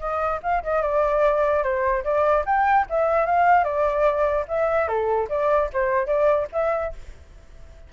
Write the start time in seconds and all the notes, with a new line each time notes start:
0.00 D#5
0.43 F5
0.64 D#5
0.82 D5
1.63 C5
2.05 D5
2.46 G5
2.90 E5
3.26 F5
3.65 D5
4.49 E5
4.88 A4
5.29 D5
5.73 C5
6.07 D5
6.53 E5